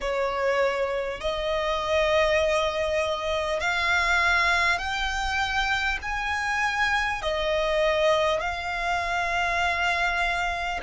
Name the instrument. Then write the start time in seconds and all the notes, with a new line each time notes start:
violin
0.01 C#5
1.20 D#5
3.60 F5
4.78 G5
6.02 G#5
7.22 D#5
8.40 F5